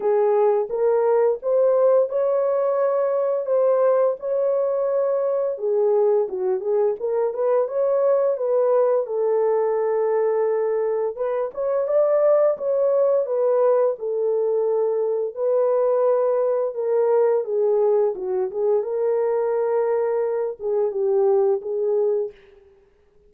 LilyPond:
\new Staff \with { instrumentName = "horn" } { \time 4/4 \tempo 4 = 86 gis'4 ais'4 c''4 cis''4~ | cis''4 c''4 cis''2 | gis'4 fis'8 gis'8 ais'8 b'8 cis''4 | b'4 a'2. |
b'8 cis''8 d''4 cis''4 b'4 | a'2 b'2 | ais'4 gis'4 fis'8 gis'8 ais'4~ | ais'4. gis'8 g'4 gis'4 | }